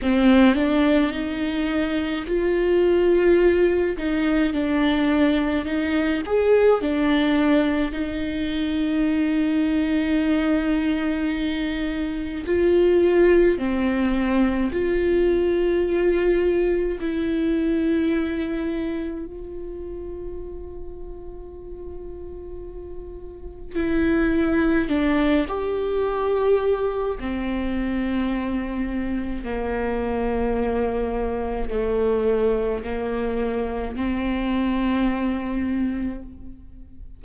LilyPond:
\new Staff \with { instrumentName = "viola" } { \time 4/4 \tempo 4 = 53 c'8 d'8 dis'4 f'4. dis'8 | d'4 dis'8 gis'8 d'4 dis'4~ | dis'2. f'4 | c'4 f'2 e'4~ |
e'4 f'2.~ | f'4 e'4 d'8 g'4. | c'2 ais2 | a4 ais4 c'2 | }